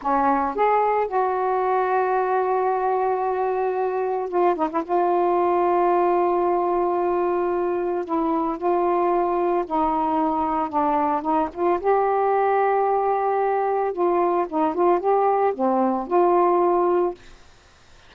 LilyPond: \new Staff \with { instrumentName = "saxophone" } { \time 4/4 \tempo 4 = 112 cis'4 gis'4 fis'2~ | fis'1 | f'8 dis'16 e'16 f'2.~ | f'2. e'4 |
f'2 dis'2 | d'4 dis'8 f'8 g'2~ | g'2 f'4 dis'8 f'8 | g'4 c'4 f'2 | }